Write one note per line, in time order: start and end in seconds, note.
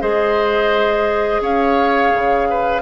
0.00 1.40 G#3
0.00 2.81 G#4
0.00 1.42 C5
0.00 1.42 D#5
1.40 2.11 C#4
1.40 2.47 C#5
1.40 2.81 F5
2.14 2.81 C#3
2.49 2.81 B4